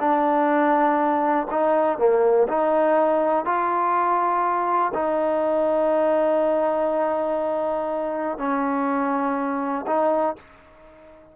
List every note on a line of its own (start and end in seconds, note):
0.00 1.48 D4
1.51 1.99 D#4
1.99 2.48 A#3
2.48 3.45 D#4
3.45 4.93 F4
4.94 8.39 D#4
8.39 9.86 C#4
9.87 10.36 D#4